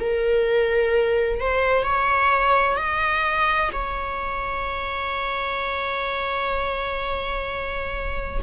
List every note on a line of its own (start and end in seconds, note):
0.00 1.41 A#4
1.41 1.84 C5
1.84 2.77 C#5
2.77 3.71 D#5
3.73 8.42 C#5